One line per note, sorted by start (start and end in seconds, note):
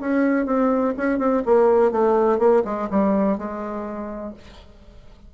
0.00 0.46 C#4
0.46 0.94 C4
0.97 1.19 C#4
1.19 1.43 C4
1.45 1.91 A#3
1.91 2.39 A3
2.39 2.63 A#3
2.64 2.88 G#3
2.90 3.38 G3
3.38 4.34 G#3